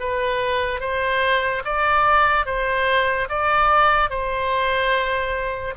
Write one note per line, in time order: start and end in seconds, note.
0.00 0.81 B4
0.81 1.63 C5
1.65 2.46 D5
2.46 3.28 C5
3.30 4.10 D5
4.10 5.75 C5